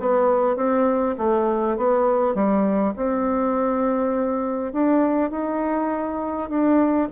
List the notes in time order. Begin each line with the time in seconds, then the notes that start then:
0.00 B3
0.56 C4
1.18 A3
1.77 B3
2.34 G3
2.96 C4
4.73 D4
5.31 D#4
6.49 D4